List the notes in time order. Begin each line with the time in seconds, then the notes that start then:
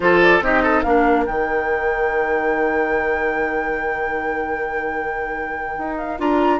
0.00 F3 F4 A4 C5
0.21 D5
0.40 C4 D#4 G4 D#5
0.62 A4
0.82 A#3 D4 A#4 F5
1.26 D#3 D#4 G5
5.78 D#4
5.97 F5
6.18 D4 F4 A#5